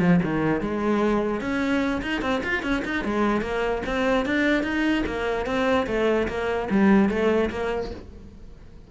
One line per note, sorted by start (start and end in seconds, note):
0.00 0.20 F3
0.24 0.61 D#3
0.61 1.41 G#3
1.41 2.02 C#4
2.03 2.22 D#4
2.22 2.42 C4
2.44 2.63 F4
2.63 2.83 C#4
2.85 3.05 D#4
3.05 3.42 G#3
3.42 3.82 A#3
3.86 4.26 C4
4.26 4.63 D4
4.63 5.04 D#4
5.07 5.46 A#3
5.46 5.87 C4
5.87 6.28 A3
6.28 6.69 A#3
6.71 7.09 G3
7.09 7.50 A3
7.50 7.91 A#3